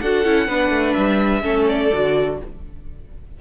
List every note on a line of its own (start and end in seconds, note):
0.00 0.25 D4
0.00 0.25 F#4
0.00 0.47 A4
0.00 0.94 F#5
0.25 0.48 C#4
0.25 0.48 E4
0.47 0.70 B3
0.47 1.42 D4
0.47 1.42 B4
0.70 0.94 A3
0.94 1.44 G3
0.94 1.65 E5
1.42 1.92 A3
1.42 1.90 C#4
1.42 2.38 A4
1.68 2.40 D5
1.93 2.41 D3
1.93 2.41 F#4